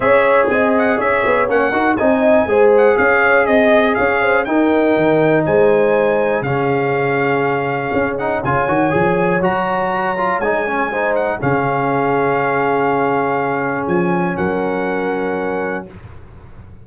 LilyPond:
<<
  \new Staff \with { instrumentName = "trumpet" } { \time 4/4 \tempo 4 = 121 e''4 gis''8 fis''8 e''4 fis''4 | gis''4. fis''8 f''4 dis''4 | f''4 g''2 gis''4~ | gis''4 f''2.~ |
f''8 fis''8 gis''2 ais''4~ | ais''4 gis''4. fis''8 f''4~ | f''1 | gis''4 fis''2. | }
  \new Staff \with { instrumentName = "horn" } { \time 4/4 cis''4 dis''4 cis''4. ais'8 | dis''4 c''4 cis''4 dis''4 | cis''8 c''8 ais'2 c''4~ | c''4 gis'2.~ |
gis'4 cis''2.~ | cis''2 c''4 gis'4~ | gis'1~ | gis'4 ais'2. | }
  \new Staff \with { instrumentName = "trombone" } { \time 4/4 gis'2. cis'8 fis'8 | dis'4 gis'2.~ | gis'4 dis'2.~ | dis'4 cis'2.~ |
cis'8 dis'8 f'8 fis'8 gis'4 fis'4~ | fis'8 f'8 dis'8 cis'8 dis'4 cis'4~ | cis'1~ | cis'1 | }
  \new Staff \with { instrumentName = "tuba" } { \time 4/4 cis'4 c'4 cis'8 b8 ais8 dis'8 | c'4 gis4 cis'4 c'4 | cis'4 dis'4 dis4 gis4~ | gis4 cis2. |
cis'4 cis8 dis8 f4 fis4~ | fis4 gis2 cis4~ | cis1 | f4 fis2. | }
>>